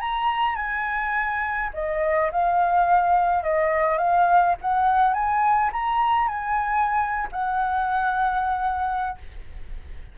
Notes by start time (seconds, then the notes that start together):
0.00 A#5
0.55 G#5
1.73 D#5
2.31 F5
3.43 D#5
3.98 F5
4.61 F#5
5.13 G#5
5.72 A#5
6.27 G#5
7.32 F#5